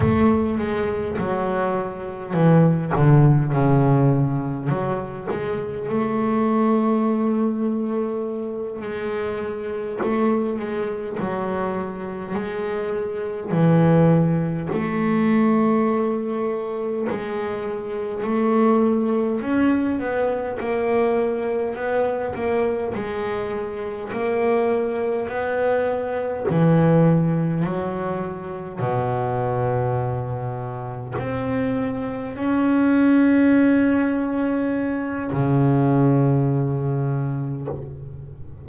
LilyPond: \new Staff \with { instrumentName = "double bass" } { \time 4/4 \tempo 4 = 51 a8 gis8 fis4 e8 d8 cis4 | fis8 gis8 a2~ a8 gis8~ | gis8 a8 gis8 fis4 gis4 e8~ | e8 a2 gis4 a8~ |
a8 cis'8 b8 ais4 b8 ais8 gis8~ | gis8 ais4 b4 e4 fis8~ | fis8 b,2 c'4 cis'8~ | cis'2 cis2 | }